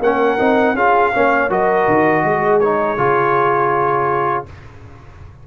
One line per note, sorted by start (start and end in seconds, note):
0.00 0.37 A#3
0.00 0.38 C#4
0.00 0.76 A#4
0.00 0.77 F#5
0.38 0.74 C4
0.38 0.75 D#4
0.74 1.11 C#4
0.74 1.13 F4
0.74 1.13 G#4
0.74 1.51 F5
1.14 1.50 A#3
1.14 1.50 C#4
1.14 1.51 C#5
1.50 1.87 F#3
1.50 2.61 F#4
1.50 2.25 A#4
1.50 2.60 D#5
1.87 2.24 D#3
2.24 2.98 G#3
2.24 4.48 G#4
2.60 2.98 D#4
2.60 4.45 C#5
2.98 4.46 C#3
2.98 4.46 F4